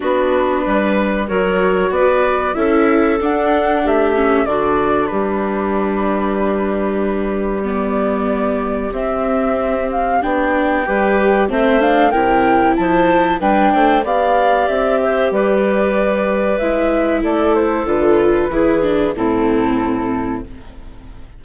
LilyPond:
<<
  \new Staff \with { instrumentName = "flute" } { \time 4/4 \tempo 4 = 94 b'2 cis''4 d''4 | e''4 fis''4 e''4 d''4 | b'1 | d''2 e''4. f''8 |
g''2 e''8 f''8 g''4 | a''4 g''4 f''4 e''4 | d''2 e''4 d''8 c''8 | b'2 a'2 | }
  \new Staff \with { instrumentName = "clarinet" } { \time 4/4 fis'4 b'4 ais'4 b'4 | a'2 g'4 fis'4 | g'1~ | g'1~ |
g'4 b'4 c''4 ais'4 | c''4 b'8 c''8 d''4. c''8 | b'2. a'4~ | a'4 gis'4 e'2 | }
  \new Staff \with { instrumentName = "viola" } { \time 4/4 d'2 fis'2 | e'4 d'4. cis'8 d'4~ | d'1 | b2 c'2 |
d'4 g'4 c'8 d'8 e'4~ | e'4 d'4 g'2~ | g'2 e'2 | f'4 e'8 d'8 c'2 | }
  \new Staff \with { instrumentName = "bassoon" } { \time 4/4 b4 g4 fis4 b4 | cis'4 d'4 a4 d4 | g1~ | g2 c'2 |
b4 g4 a4 c4 | f4 g8 a8 b4 c'4 | g2 gis4 a4 | d4 e4 a,2 | }
>>